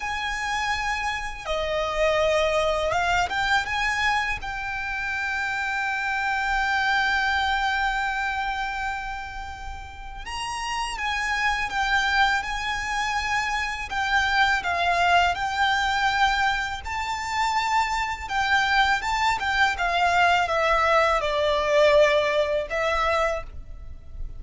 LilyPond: \new Staff \with { instrumentName = "violin" } { \time 4/4 \tempo 4 = 82 gis''2 dis''2 | f''8 g''8 gis''4 g''2~ | g''1~ | g''2 ais''4 gis''4 |
g''4 gis''2 g''4 | f''4 g''2 a''4~ | a''4 g''4 a''8 g''8 f''4 | e''4 d''2 e''4 | }